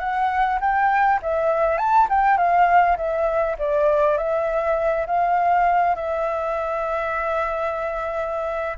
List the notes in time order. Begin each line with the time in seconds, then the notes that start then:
0.00 F#5
0.61 G5
1.23 E5
1.78 A5
2.10 G5
2.38 F5
2.97 E5
3.59 D5
4.18 E5
5.07 F5
5.96 E5